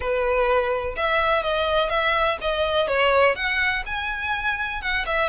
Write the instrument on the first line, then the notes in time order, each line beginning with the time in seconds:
violin
0.00 B4
0.96 E5
1.42 D#5
1.89 E5
2.41 D#5
2.87 C#5
3.35 F#5
3.85 G#5
4.81 F#5
5.06 E5